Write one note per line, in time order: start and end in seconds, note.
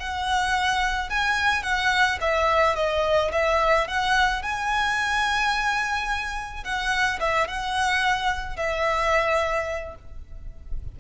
0.00 1.10 F#5
1.10 1.63 G#5
1.63 2.19 F#5
2.21 2.76 E5
2.76 3.31 D#5
3.32 3.88 E5
3.88 4.43 F#5
4.43 6.64 G#5
6.64 7.20 F#5
7.20 7.48 E5
7.48 8.57 F#5
8.57 9.96 E5